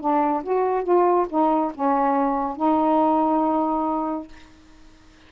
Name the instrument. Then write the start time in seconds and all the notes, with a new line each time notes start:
saxophone
0.00 D4
0.43 F#4
0.84 F4
1.29 D#4
1.75 C#4
2.56 D#4